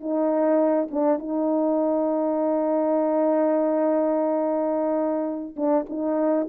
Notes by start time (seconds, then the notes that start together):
0.00 D#4
0.90 D4
1.18 D#4
5.56 D4
5.89 D#4